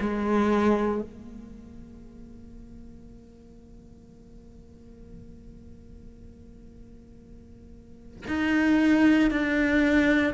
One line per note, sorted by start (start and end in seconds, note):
0.00 1.02 G#3
1.02 8.26 A#3
8.28 9.31 D#4
9.31 10.34 D4